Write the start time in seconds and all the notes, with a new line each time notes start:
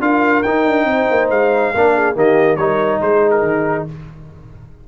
0.00 D4 F4 A#4 F5
0.42 D#4 G5
0.65 D4
0.84 C4 C5
1.10 A#3
1.30 G#3 F5
1.74 A#3 D4 A#4
1.94 G#4
2.15 D#3 A#3 G4 D#5
2.56 G3 D#4 A#4 C#5
3.01 G#3 G#4 C5
3.31 A#4
3.42 D#3